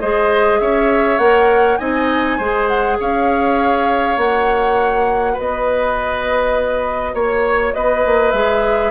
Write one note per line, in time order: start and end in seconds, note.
0.00 0.60 G#3
0.00 1.20 G#4
0.00 0.60 C5
0.00 0.59 D#5
0.59 1.18 C#4
0.59 1.79 C#5
0.59 1.18 E5
1.18 1.77 A#3
1.18 1.79 A#4
1.18 1.77 F#5
1.77 2.39 C4
1.77 2.39 D#4
1.77 2.37 D#5
1.77 2.66 G#5
2.37 2.98 G#3
2.37 4.18 G#4
2.37 2.97 C5
2.67 2.97 F#5
2.99 4.17 C#4
2.99 5.33 C#5
2.99 4.19 F5
4.17 5.36 A#3
4.17 8.33 F#4
4.17 5.37 F#5
5.33 7.11 B4
5.33 7.15 D#5
5.39 7.13 B3
7.13 7.73 A#3
7.13 7.74 C#5
7.74 8.04 B3
7.74 8.90 B4
7.74 8.31 D#5
8.05 8.33 A#3
8.31 8.90 G#3
8.31 8.90 G#4
8.31 8.90 E5